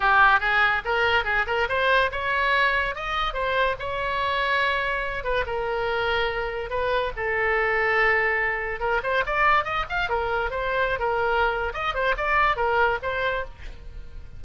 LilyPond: \new Staff \with { instrumentName = "oboe" } { \time 4/4 \tempo 4 = 143 g'4 gis'4 ais'4 gis'8 ais'8 | c''4 cis''2 dis''4 | c''4 cis''2.~ | cis''8 b'8 ais'2. |
b'4 a'2.~ | a'4 ais'8 c''8 d''4 dis''8 f''8 | ais'4 c''4~ c''16 ais'4.~ ais'16 | dis''8 c''8 d''4 ais'4 c''4 | }